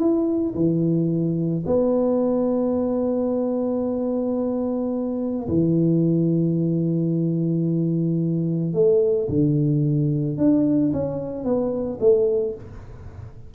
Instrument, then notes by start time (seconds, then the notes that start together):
tuba
0.00 E4
0.55 E3
1.67 B3
5.48 E3
8.74 A3
9.29 D3
10.38 D4
10.93 C#4
11.44 B3
12.00 A3